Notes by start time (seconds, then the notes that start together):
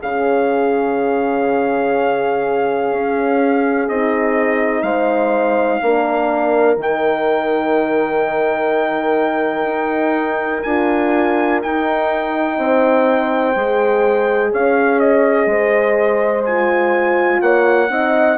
0.00 C#3 C#4 G#4 F5
2.91 C#4
3.88 C4 D#4 D#5
4.82 G#3 C5 F5
5.81 A#3 D4 A#4
6.76 D#3 D#4 G5
9.64 D#4
10.63 D4 F4 G#5
11.62 D#4 G5
12.58 C4 C5
13.56 G#3 G#4
14.52 C#4 C#5 F5
14.99 D#5
15.46 G#3 C5
16.45 F4 G#5
17.41 A#3 C#5 F#5
17.90 C4 D#4 D#5